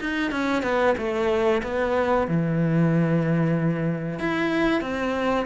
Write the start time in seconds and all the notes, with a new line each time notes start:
0.00 D#4
0.31 C#4
0.63 B3
0.97 A3
1.63 B3
2.27 E3
4.19 E4
4.81 C4